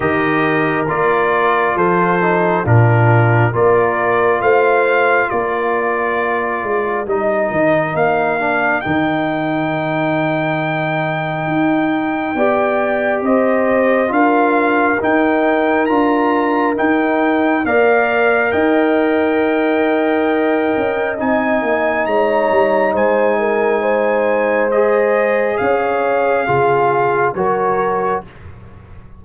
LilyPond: <<
  \new Staff \with { instrumentName = "trumpet" } { \time 4/4 \tempo 4 = 68 dis''4 d''4 c''4 ais'4 | d''4 f''4 d''2 | dis''4 f''4 g''2~ | g''2. dis''4 |
f''4 g''4 ais''4 g''4 | f''4 g''2. | gis''4 ais''4 gis''2 | dis''4 f''2 cis''4 | }
  \new Staff \with { instrumentName = "horn" } { \time 4/4 ais'2 a'4 f'4 | ais'4 c''4 ais'2~ | ais'1~ | ais'2 d''4 c''4 |
ais'1 | d''4 dis''2.~ | dis''4 cis''4 c''8 ais'8 c''4~ | c''4 cis''4 gis'4 ais'4 | }
  \new Staff \with { instrumentName = "trombone" } { \time 4/4 g'4 f'4. dis'8 d'4 | f'1 | dis'4. d'8 dis'2~ | dis'2 g'2 |
f'4 dis'4 f'4 dis'4 | ais'1 | dis'1 | gis'2 f'4 fis'4 | }
  \new Staff \with { instrumentName = "tuba" } { \time 4/4 dis4 ais4 f4 ais,4 | ais4 a4 ais4. gis8 | g8 dis8 ais4 dis2~ | dis4 dis'4 b4 c'4 |
d'4 dis'4 d'4 dis'4 | ais4 dis'2~ dis'8 cis'8 | c'8 ais8 gis8 g8 gis2~ | gis4 cis'4 cis4 fis4 | }
>>